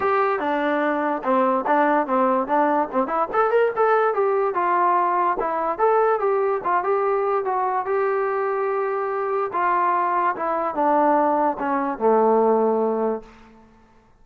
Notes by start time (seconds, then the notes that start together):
0.00 G4
0.39 D4
1.23 C4
1.66 D4
2.06 C4
2.47 D4
2.91 C4
3.07 E4
3.32 A4
3.50 A#4
3.76 A4
4.13 G4
4.54 F4
5.39 E4
5.78 A4
6.19 G4
6.63 F4
6.83 G4
7.44 F#4
7.85 G4
9.52 F4
10.36 E4
10.74 D4
11.58 C#4
11.98 A3